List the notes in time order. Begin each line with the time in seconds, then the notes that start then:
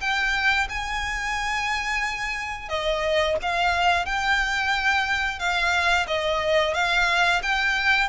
0.00 G5
0.69 G#5
2.68 D#5
3.42 F5
4.05 G5
5.39 F5
6.07 D#5
6.74 F5
7.42 G5